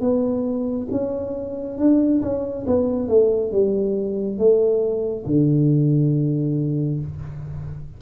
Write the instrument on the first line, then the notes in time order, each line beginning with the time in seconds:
tuba
0.00 B3
0.91 C#4
1.77 D4
2.21 C#4
2.66 B3
3.08 A3
3.52 G3
4.38 A3
5.25 D3